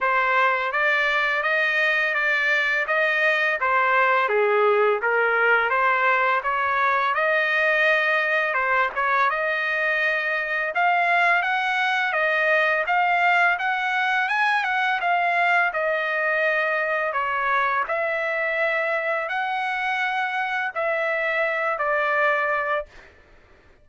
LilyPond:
\new Staff \with { instrumentName = "trumpet" } { \time 4/4 \tempo 4 = 84 c''4 d''4 dis''4 d''4 | dis''4 c''4 gis'4 ais'4 | c''4 cis''4 dis''2 | c''8 cis''8 dis''2 f''4 |
fis''4 dis''4 f''4 fis''4 | gis''8 fis''8 f''4 dis''2 | cis''4 e''2 fis''4~ | fis''4 e''4. d''4. | }